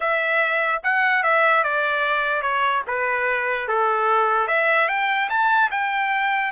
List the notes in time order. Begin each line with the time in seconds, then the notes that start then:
0.00 E5
0.83 F#5
1.23 E5
1.63 D5
2.42 C#5
2.87 B4
3.68 A4
4.47 E5
4.88 G5
5.29 A5
5.71 G5